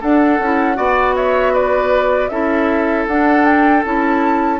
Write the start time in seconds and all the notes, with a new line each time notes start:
0.00 D4 A4 F#5
0.39 C#4 E4
0.75 B3 F#4 D5
1.15 C#5 E5
1.53 B4 D5
2.28 C#4 E4 A4 E5
3.07 D4 F#5
3.44 G5
3.84 C#4 E4 A5